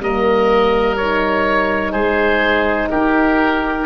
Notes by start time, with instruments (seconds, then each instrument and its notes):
0.00 tuba G3, horn A#3, oboe A#4 D#5
0.97 horn D#4, oboe C#5
1.93 tuba G#3, oboe G#4 C5
2.91 tuba D#4, oboe G4 A#4